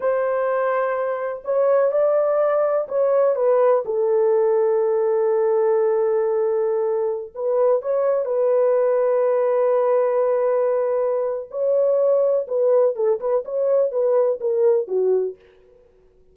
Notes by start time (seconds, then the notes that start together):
0.00 C5
1.44 C#5
1.91 D5
2.88 C#5
3.35 B4
3.85 A4
7.34 B4
7.82 C#5
8.25 B4
11.50 C#5
12.47 B4
12.95 A4
13.20 B4
13.44 C#5
13.91 B4
14.40 A#4
14.87 F#4